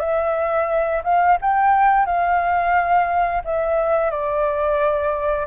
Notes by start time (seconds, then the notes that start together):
0.00 E5
1.04 F5
1.42 G5
2.06 F5
3.45 E5
4.11 D5